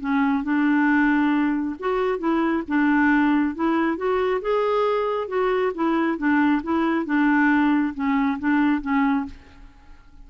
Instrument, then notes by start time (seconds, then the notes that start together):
clarinet
0.00 C#4
0.43 D4
1.79 F#4
2.19 E4
2.67 D4
3.55 E4
3.96 F#4
4.41 G#4
5.28 F#4
5.74 E4
6.17 D4
6.63 E4
7.05 D4
7.94 C#4
8.39 D4
8.81 C#4